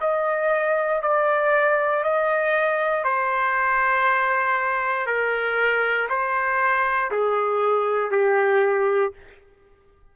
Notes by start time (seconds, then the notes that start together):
0.00 D#5
1.02 D5
2.03 D#5
3.04 C5
5.06 A#4
6.09 C5
7.11 G#4
8.11 G4